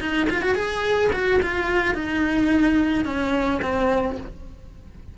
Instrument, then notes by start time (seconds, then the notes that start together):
cello
0.00 D#4
0.30 F4
0.42 F#4
0.55 G#4
1.13 F#4
1.42 F4
1.95 D#4
3.05 C#4
3.62 C4